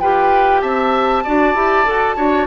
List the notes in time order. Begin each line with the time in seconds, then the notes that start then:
0.00 F4 G4 B4 G5
0.61 C4 E5 A5
1.24 D4 F#4 D5
1.55 E4 G4
1.85 F#4 A4
2.16 D4 F#4 C#5